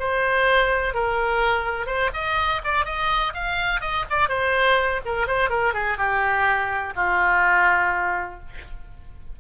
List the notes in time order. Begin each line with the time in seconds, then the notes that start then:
0.00 C5
0.94 A#4
1.87 C5
2.14 D#5
2.64 D5
2.86 D#5
3.35 F5
3.81 D#5
4.10 D5
4.29 C5
5.06 A#4
5.28 C5
5.50 A#4
5.74 G#4
5.98 G4
6.96 F4